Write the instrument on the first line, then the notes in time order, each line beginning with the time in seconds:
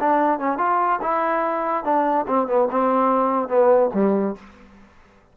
trombone
0.00 D4
0.39 C#4
0.58 F4
1.02 E4
1.84 D4
2.27 C4
2.47 B3
2.71 C4
3.48 B3
3.94 G3